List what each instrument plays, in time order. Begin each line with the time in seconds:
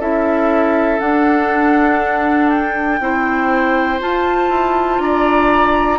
0.00 bassoon C#4, clarinet E4, oboe A4, flute E5
1.00 clarinet D4, bassoon D4, flute F#5
2.50 flute G5
3.01 bassoon C4, clarinet E4, oboe C5
4.00 clarinet F4, bassoon F4, flute A5
4.50 bassoon E4
4.99 bassoon D4, oboe D5, flute A#5